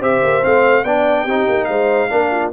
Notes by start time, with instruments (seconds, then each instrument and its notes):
0.00 tuba C4, trombone G4, horn C5, trumpet E5
0.23 tuba A#3
0.43 tuba A3, trombone C4, trumpet F5
0.84 tuba B3, trombone D4, horn D5, trumpet G5
1.24 tuba C4, trombone D#4, horn G4
1.49 tuba A#3
1.65 tuba G#3, horn C5, trumpet F5
2.10 tuba A#3, trombone D4, horn A#4
2.32 horn F4